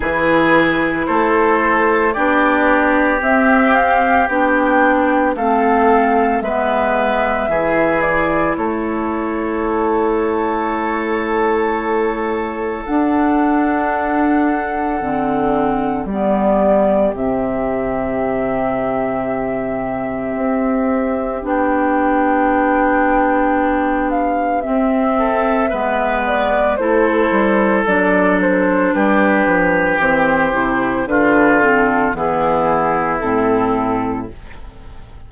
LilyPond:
<<
  \new Staff \with { instrumentName = "flute" } { \time 4/4 \tempo 4 = 56 b'4 c''4 d''4 e''8 f''8 | g''4 f''4 e''4. d''8 | cis''1 | fis''2. d''4 |
e''1 | g''2~ g''8 f''8 e''4~ | e''8 d''8 c''4 d''8 c''8 b'4 | c''4 b'8 a'8 gis'4 a'4 | }
  \new Staff \with { instrumentName = "oboe" } { \time 4/4 gis'4 a'4 g'2~ | g'4 a'4 b'4 gis'4 | a'1~ | a'2. g'4~ |
g'1~ | g'2.~ g'8 a'8 | b'4 a'2 g'4~ | g'4 f'4 e'2 | }
  \new Staff \with { instrumentName = "clarinet" } { \time 4/4 e'2 d'4 c'4 | d'4 c'4 b4 e'4~ | e'1 | d'2 c'4 b4 |
c'1 | d'2. c'4 | b4 e'4 d'2 | c'8 e'8 d'8 c'8 b4 c'4 | }
  \new Staff \with { instrumentName = "bassoon" } { \time 4/4 e4 a4 b4 c'4 | b4 a4 gis4 e4 | a1 | d'2 d4 g4 |
c2. c'4 | b2. c'4 | gis4 a8 g8 fis4 g8 f8 | e8 c8 d4 e4 a,4 | }
>>